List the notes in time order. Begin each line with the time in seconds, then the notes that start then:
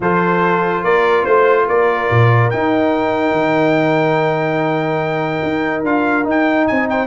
0.00 F3 F4 A4 C5
0.83 A#3 A#4 D5
1.23 A3 C5
1.67 A#3 A#4 D5
2.10 A#2
2.50 D#4 G5
3.32 D#3
5.43 D#4
5.83 D4 F4 F5
6.24 D#4 G5
6.67 C4 D#5 G#5
6.89 C5 G5